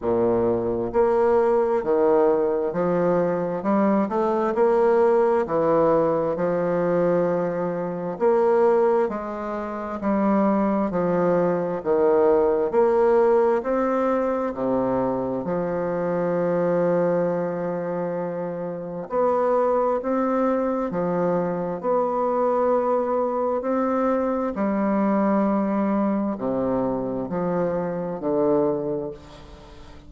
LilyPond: \new Staff \with { instrumentName = "bassoon" } { \time 4/4 \tempo 4 = 66 ais,4 ais4 dis4 f4 | g8 a8 ais4 e4 f4~ | f4 ais4 gis4 g4 | f4 dis4 ais4 c'4 |
c4 f2.~ | f4 b4 c'4 f4 | b2 c'4 g4~ | g4 c4 f4 d4 | }